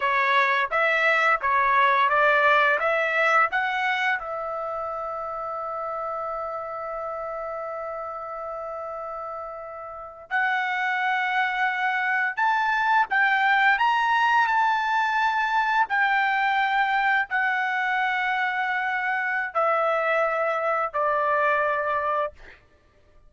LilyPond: \new Staff \with { instrumentName = "trumpet" } { \time 4/4 \tempo 4 = 86 cis''4 e''4 cis''4 d''4 | e''4 fis''4 e''2~ | e''1~ | e''2~ e''8. fis''4~ fis''16~ |
fis''4.~ fis''16 a''4 g''4 ais''16~ | ais''8. a''2 g''4~ g''16~ | g''8. fis''2.~ fis''16 | e''2 d''2 | }